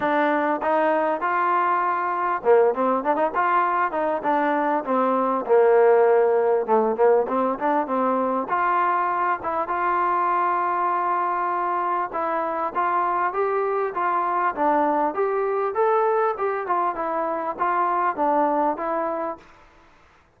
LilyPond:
\new Staff \with { instrumentName = "trombone" } { \time 4/4 \tempo 4 = 99 d'4 dis'4 f'2 | ais8 c'8 d'16 dis'16 f'4 dis'8 d'4 | c'4 ais2 a8 ais8 | c'8 d'8 c'4 f'4. e'8 |
f'1 | e'4 f'4 g'4 f'4 | d'4 g'4 a'4 g'8 f'8 | e'4 f'4 d'4 e'4 | }